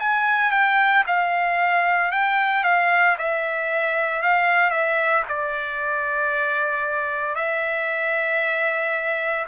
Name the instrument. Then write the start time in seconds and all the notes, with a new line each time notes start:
trumpet
0.00 G#5
0.52 G5
1.07 F5
2.12 G5
2.64 F5
3.19 E5
4.23 F5
4.71 E5
5.29 D5
7.35 E5